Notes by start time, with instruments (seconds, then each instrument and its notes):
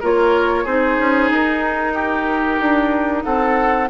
0.00 bassoon A#3, clarinet F4, oboe A#4, flute C#5
0.63 bassoon C4, clarinet D#4, oboe G#4, flute C5
0.98 bassoon C#4
1.30 bassoon D#4, flute A#4
1.94 oboe G4
2.59 bassoon D4
3.23 bassoon C4, oboe A4, flute F#5